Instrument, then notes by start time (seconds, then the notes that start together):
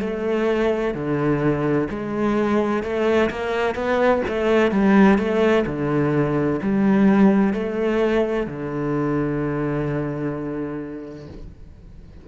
cello
0.00 A3
0.94 D3
1.90 G#3
2.83 A3
3.30 A#3
3.75 B3
4.28 A3
4.71 G3
5.18 A3
5.66 D3
6.62 G3
7.53 A3
8.46 D3